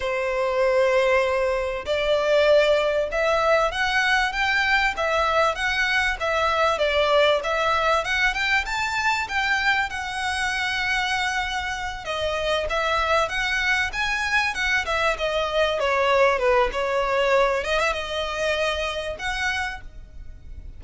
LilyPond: \new Staff \with { instrumentName = "violin" } { \time 4/4 \tempo 4 = 97 c''2. d''4~ | d''4 e''4 fis''4 g''4 | e''4 fis''4 e''4 d''4 | e''4 fis''8 g''8 a''4 g''4 |
fis''2.~ fis''8 dis''8~ | dis''8 e''4 fis''4 gis''4 fis''8 | e''8 dis''4 cis''4 b'8 cis''4~ | cis''8 dis''16 e''16 dis''2 fis''4 | }